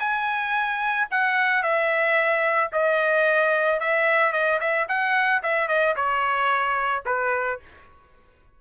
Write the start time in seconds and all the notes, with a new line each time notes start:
0.00 G#5
1.11 F#5
1.63 E5
2.73 D#5
3.80 E5
4.33 D#5
4.61 E5
4.89 F#5
5.43 E5
5.69 D#5
5.96 C#5
7.06 B4